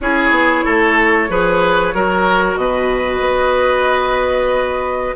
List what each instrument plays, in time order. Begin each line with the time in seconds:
0.01 bassoon C#4, clarinet E4, oboe G#4, flute C#5
0.30 bassoon B3
0.65 bassoon A3, oboe A4
1.29 bassoon F3, clarinet G#4, oboe B4
1.94 bassoon F#3, clarinet F#4, oboe A#4
2.56 bassoon B2, oboe B4, flute D#5
3.19 bassoon B3